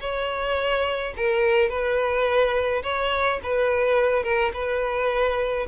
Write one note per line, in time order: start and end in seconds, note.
0.00 1.13 C#5
1.17 1.69 A#4
1.69 2.82 B4
2.83 3.39 C#5
3.43 4.23 B4
4.23 4.51 A#4
4.53 5.67 B4